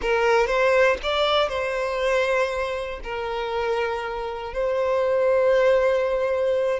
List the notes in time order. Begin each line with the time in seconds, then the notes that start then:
0.01 A#4
0.46 C5
1.02 D5
1.49 C5
3.03 A#4
4.53 C5